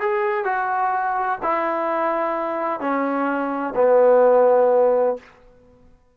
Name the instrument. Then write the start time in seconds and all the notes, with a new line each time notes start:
trombone
0.00 G#4
0.45 F#4
1.43 E4
2.80 C#4
3.75 B3